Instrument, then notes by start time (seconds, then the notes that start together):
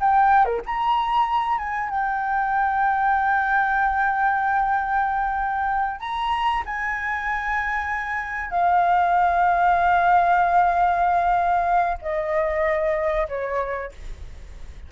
flute
0.00 G5
0.45 A#4
0.66 A#5
1.58 G#5
1.89 G5
6.00 A#5
6.66 G#5
8.51 F5
12.01 D#5
13.29 C#5